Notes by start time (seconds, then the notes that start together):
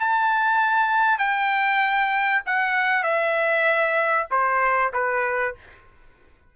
0.00 A5
1.19 G5
2.46 F#5
3.04 E5
4.31 C5
4.93 B4